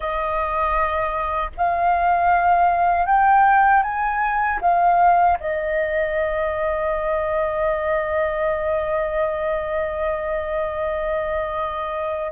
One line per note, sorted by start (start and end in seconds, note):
0.00 1.50 D#5
1.57 3.06 F5
3.06 3.82 G5
3.82 4.59 G#5
4.61 5.38 F5
5.40 12.31 D#5